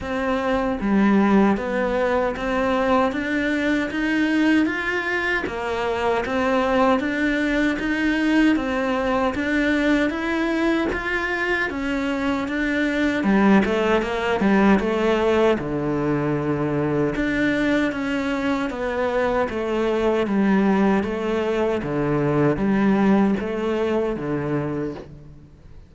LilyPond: \new Staff \with { instrumentName = "cello" } { \time 4/4 \tempo 4 = 77 c'4 g4 b4 c'4 | d'4 dis'4 f'4 ais4 | c'4 d'4 dis'4 c'4 | d'4 e'4 f'4 cis'4 |
d'4 g8 a8 ais8 g8 a4 | d2 d'4 cis'4 | b4 a4 g4 a4 | d4 g4 a4 d4 | }